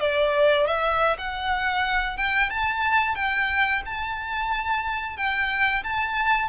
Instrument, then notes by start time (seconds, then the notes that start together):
violin
0.00 D5
0.67 E5
1.18 F#5
2.17 G5
2.50 A5
3.15 G5
3.85 A5
5.17 G5
5.83 A5